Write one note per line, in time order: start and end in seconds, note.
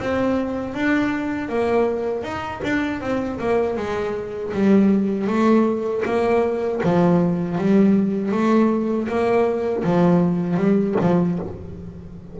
0.00 0.74 C4
0.74 1.49 D4
1.49 2.23 A#3
2.23 2.61 D#4
2.64 3.01 D4
3.01 3.39 C4
3.40 3.77 A#3
3.77 4.53 G#3
4.54 5.28 G3
5.28 6.03 A3
6.06 6.81 A#3
6.84 7.58 F3
7.58 8.32 G3
8.32 9.08 A3
9.08 9.84 A#3
9.84 10.57 F3
10.57 10.95 G3
11.01 11.39 F3